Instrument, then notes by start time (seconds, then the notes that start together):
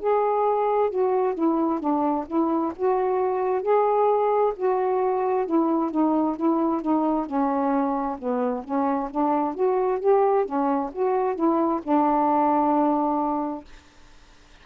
saxophone
0.00 G#4
0.90 F#4
1.35 E4
1.80 D4
2.27 E4
2.76 F#4
3.62 G#4
4.56 F#4
5.46 E4
5.91 D#4
6.36 E4
6.82 D#4
7.26 C#4
8.18 B3
8.64 C#4
9.11 D4
9.55 F#4
10.00 G4
10.45 C#4
10.93 F#4
11.35 E4
11.83 D4